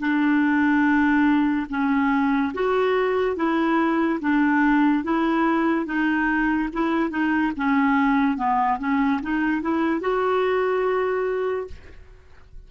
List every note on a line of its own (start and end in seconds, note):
0.00 1.67 D4
1.69 2.53 C#4
2.54 3.36 F#4
3.36 4.20 E4
4.20 5.04 D4
5.04 5.86 E4
5.86 6.69 D#4
6.73 7.10 E4
7.10 7.52 D#4
7.57 8.37 C#4
8.37 8.79 B3
8.79 9.20 C#4
9.22 9.62 D#4
9.62 10.01 E4
10.01 11.67 F#4